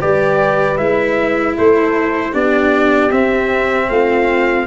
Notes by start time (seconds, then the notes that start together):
0.00 G3 G4 B4 D5
0.77 G#3 E4 E5
1.58 A3 A4 C5
2.31 B3 D4 G4 D5
3.11 C4 E5
3.89 A3 F4 F5